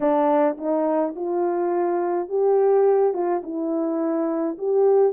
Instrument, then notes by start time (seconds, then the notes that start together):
horn
0.00 D4
0.57 D#4
1.15 F4
2.28 G4
3.13 F4
3.43 E4
4.57 G4